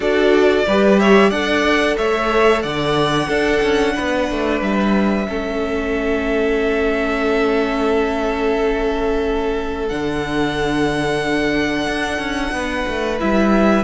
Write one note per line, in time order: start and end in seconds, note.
0.00 0.64 D4
0.00 0.64 F#4
0.00 0.65 A4
0.00 0.99 D5
0.67 1.30 G3
0.67 1.33 G4
0.67 1.00 B4
0.99 1.29 C#5
0.99 1.30 E5
1.29 1.96 D4
1.29 3.30 A4
1.29 1.95 D5
1.29 1.96 F#5
1.97 2.64 A3
1.97 2.62 C#5
1.97 2.62 E5
2.62 3.28 D3
2.62 3.27 D5
2.62 4.59 F#5
3.27 3.61 D4
3.27 5.27 D4
3.27 3.93 A4
3.62 3.95 C#4
3.95 4.30 B3
3.95 5.27 B4
4.30 4.61 A3
4.61 5.27 G3
4.61 9.88 E5
5.27 9.90 A3
5.27 9.88 C#4
5.27 12.53 A4
9.88 11.87 D3
9.88 13.19 D4
9.88 13.18 F#5
11.87 12.18 D4
12.18 12.51 C#4
12.52 12.85 B3
12.52 13.84 B4
12.87 13.20 A3
13.19 13.84 G3
13.19 13.84 E4
13.19 13.84 E5